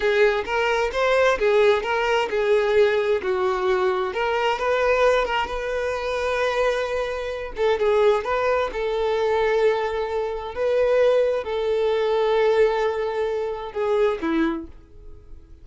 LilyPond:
\new Staff \with { instrumentName = "violin" } { \time 4/4 \tempo 4 = 131 gis'4 ais'4 c''4 gis'4 | ais'4 gis'2 fis'4~ | fis'4 ais'4 b'4. ais'8 | b'1~ |
b'8 a'8 gis'4 b'4 a'4~ | a'2. b'4~ | b'4 a'2.~ | a'2 gis'4 e'4 | }